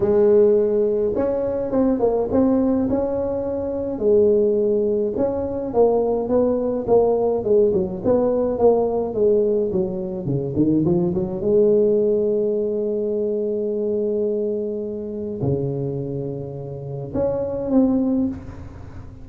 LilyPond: \new Staff \with { instrumentName = "tuba" } { \time 4/4 \tempo 4 = 105 gis2 cis'4 c'8 ais8 | c'4 cis'2 gis4~ | gis4 cis'4 ais4 b4 | ais4 gis8 fis8 b4 ais4 |
gis4 fis4 cis8 dis8 f8 fis8 | gis1~ | gis2. cis4~ | cis2 cis'4 c'4 | }